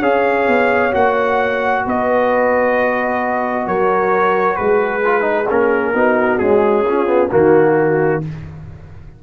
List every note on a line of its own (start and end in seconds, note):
0.00 0.47 C#4
0.00 0.92 G#4
0.00 1.82 C#5
0.00 0.93 F5
0.47 0.93 B3
0.92 1.85 A#3
0.92 5.01 F#4
0.92 1.85 F#5
1.85 3.67 B3
1.85 3.67 B4
1.85 3.67 D#5
3.67 4.58 F#3
3.67 4.58 A#4
3.67 4.56 C#5
4.56 5.50 G#3
4.56 5.94 G#4
4.56 5.47 B4
5.05 5.21 F4
5.21 5.44 D#4
5.50 5.94 A#3
5.50 5.95 C#4
5.50 6.38 A#4
5.94 6.39 B3
5.94 6.39 D#4
5.94 6.84 F#4
6.38 6.85 G#3
6.38 7.31 C#4
6.38 7.29 G#4
6.87 7.06 C#4
6.87 7.30 F4
7.06 7.29 B3
7.30 8.23 D#3
7.30 8.22 A#3
7.30 8.21 F#4
7.30 8.23 F#4